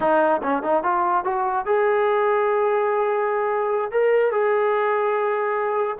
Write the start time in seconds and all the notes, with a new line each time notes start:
0.00 D#4
0.43 C#4
0.62 D#4
0.83 F4
1.24 F#4
1.65 G#4
3.91 A#4
4.31 G#4